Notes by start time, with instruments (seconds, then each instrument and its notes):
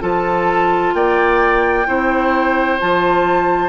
0.00 bassoon F3, clarinet F4, oboe A4, flute A5
0.94 bassoon A#3, oboe D5, flute G5
1.86 bassoon C4, clarinet E4, oboe C5
2.80 bassoon F3, clarinet F4, flute A5